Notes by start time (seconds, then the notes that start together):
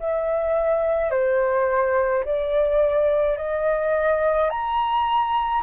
0.00 E5
1.11 C5
2.25 D5
3.38 D#5
4.50 A#5